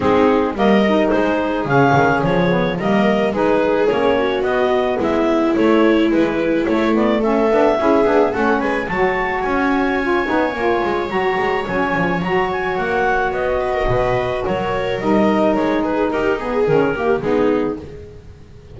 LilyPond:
<<
  \new Staff \with { instrumentName = "clarinet" } { \time 4/4 \tempo 4 = 108 gis'4 dis''4 c''4 f''4 | cis''4 dis''4 b'4 cis''4 | dis''4 e''4 cis''4 b'4 | cis''8 d''8 e''2 fis''8 gis''8 |
a''4 gis''2. | ais''4 gis''4 ais''8 gis''8 fis''4 | dis''2 cis''4 dis''4 | cis''8 b'8 ais'8 gis'8 ais'4 gis'4 | }
  \new Staff \with { instrumentName = "viola" } { \time 4/4 dis'4 ais'4 gis'2~ | gis'4 ais'4 gis'4. fis'8~ | fis'4 e'2.~ | e'4 a'4 gis'4 a'8 b'8 |
cis''1~ | cis''1~ | cis''8 b'16 ais'16 b'4 ais'2~ | ais'8 gis'8 g'8 gis'4 g'8 dis'4 | }
  \new Staff \with { instrumentName = "saxophone" } { \time 4/4 c'4 ais8 dis'4. cis'4~ | cis'8 b8 ais4 dis'4 cis'4 | b2 a4 e4 | a8 b8 cis'8 d'8 e'8 d'8 cis'4 |
fis'2 f'8 dis'8 f'4 | fis'4 cis'4 fis'2~ | fis'2. dis'4~ | dis'4. b8 cis'8 ais8 b4 | }
  \new Staff \with { instrumentName = "double bass" } { \time 4/4 gis4 g4 gis4 cis8 dis8 | f4 g4 gis4 ais4 | b4 gis4 a4 gis4 | a4. b8 cis'8 b8 a8 gis8 |
fis4 cis'4. b8 ais8 gis8 | fis8 gis8 fis8 f8 fis4 ais4 | b4 b,4 fis4 g4 | gis4 dis'4 dis4 gis4 | }
>>